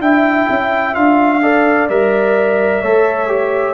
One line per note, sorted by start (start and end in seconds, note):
0.00 0.47 D4
0.00 0.94 E4
0.00 1.43 E5
0.00 0.95 G5
0.50 0.96 C#4
0.94 1.89 D4
0.94 1.41 F4
0.94 1.88 F5
1.42 1.89 A4
1.42 2.82 D5
1.89 2.83 G3
1.89 2.83 A#4
1.89 3.74 E5
2.82 3.74 A3
2.82 3.28 A4
2.82 3.74 C#5
3.28 3.74 G4